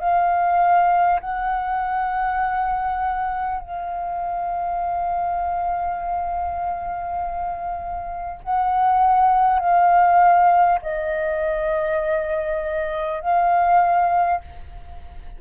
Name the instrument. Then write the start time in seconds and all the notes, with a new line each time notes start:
flute
0.00 F5
1.20 F#5
3.60 F5
8.43 F#5
9.59 F5
10.82 D#5
13.21 F5